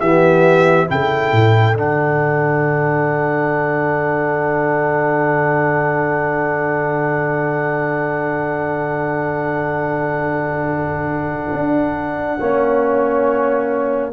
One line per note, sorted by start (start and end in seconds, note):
0.00 0.88 E3
0.00 0.87 B3
0.00 0.88 G4
0.00 0.87 E5
0.87 1.33 C#3
0.87 1.74 E4
0.87 12.39 A4
0.87 1.77 G5
1.33 1.74 A2
1.74 11.53 D3
1.74 12.41 D4
1.74 14.13 F#5
11.53 12.39 D4
12.39 14.13 A#3
12.39 14.13 C#4
12.39 14.13 C#5